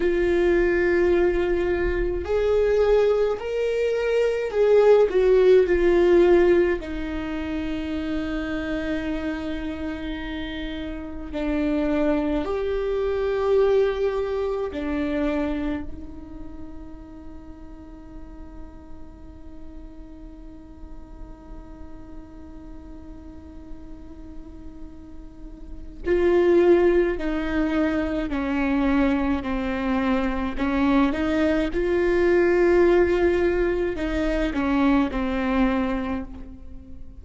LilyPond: \new Staff \with { instrumentName = "viola" } { \time 4/4 \tempo 4 = 53 f'2 gis'4 ais'4 | gis'8 fis'8 f'4 dis'2~ | dis'2 d'4 g'4~ | g'4 d'4 dis'2~ |
dis'1~ | dis'2. f'4 | dis'4 cis'4 c'4 cis'8 dis'8 | f'2 dis'8 cis'8 c'4 | }